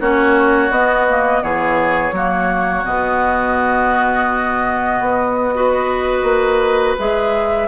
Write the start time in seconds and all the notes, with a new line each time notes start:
0.00 A#3 C#4 F#4 C#5
0.70 B3 D#5
1.08 A#3
1.41 E3 B3 G#4 C#5
2.11 F#3 A#3 F#4
2.84 B2 B3 D#5
5.00 B3
5.54 F#4 B4
6.23 A#3
6.98 G#3 G#4 E5